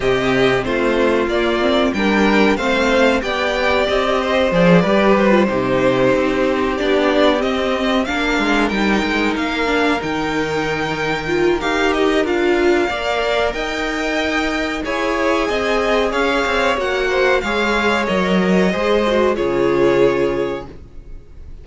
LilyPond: <<
  \new Staff \with { instrumentName = "violin" } { \time 4/4 \tempo 4 = 93 dis''4 c''4 d''4 g''4 | f''4 g''4 dis''4 d''4 | c''2~ c''8 d''4 dis''8~ | dis''8 f''4 g''4 f''4 g''8~ |
g''2 f''8 dis''8 f''4~ | f''4 g''2 gis''4~ | gis''4 f''4 fis''4 f''4 | dis''2 cis''2 | }
  \new Staff \with { instrumentName = "violin" } { \time 4/4 g'4 f'2 ais'4 | c''4 d''4. c''4 b'8~ | b'8 g'2.~ g'8~ | g'8 ais'2.~ ais'8~ |
ais'1 | d''4 dis''2 cis''4 | dis''4 cis''4. c''8 cis''4~ | cis''4 c''4 gis'2 | }
  \new Staff \with { instrumentName = "viola" } { \time 4/4 c'2 ais8 c'8 d'4 | c'4 g'2 gis'8 g'8~ | g'16 f'16 dis'2 d'4 c'8~ | c'8 d'4 dis'4. d'8 dis'8~ |
dis'4. f'8 g'4 f'4 | ais'2. gis'4~ | gis'2 fis'4 gis'4 | ais'4 gis'8 fis'8 f'2 | }
  \new Staff \with { instrumentName = "cello" } { \time 4/4 c4 a4 ais4 g4 | a4 b4 c'4 f8 g8~ | g8 c4 c'4 b4 c'8~ | c'8 ais8 gis8 g8 gis8 ais4 dis8~ |
dis2 dis'4 d'4 | ais4 dis'2 e'4 | c'4 cis'8 c'8 ais4 gis4 | fis4 gis4 cis2 | }
>>